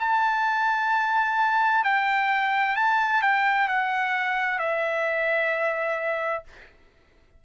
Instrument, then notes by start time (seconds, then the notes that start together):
trumpet
0.00 A5
1.84 G5
2.77 A5
3.22 G5
3.68 F#5
4.59 E5